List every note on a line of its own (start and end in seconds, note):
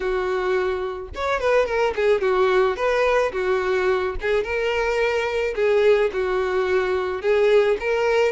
0.00 1.08 F#4
1.15 1.40 C#5
1.40 1.66 B4
1.66 1.93 A#4
1.95 2.21 G#4
2.21 2.76 F#4
2.76 3.32 B4
3.32 4.15 F#4
4.21 4.43 G#4
4.43 5.54 A#4
5.55 6.11 G#4
6.12 7.21 F#4
7.21 7.77 G#4
7.80 8.32 A#4